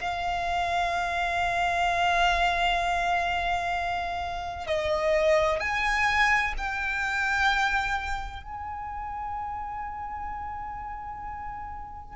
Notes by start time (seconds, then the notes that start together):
0.00 F5
4.67 D#5
5.60 G#5
6.57 G5
8.43 G#5